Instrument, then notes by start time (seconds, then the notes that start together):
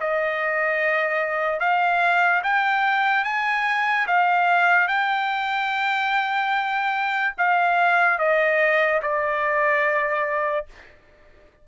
trumpet
0.00 D#5
1.60 F5
2.43 G5
3.24 G#5
4.06 F5
4.88 G5
7.37 F5
8.18 D#5
9.01 D5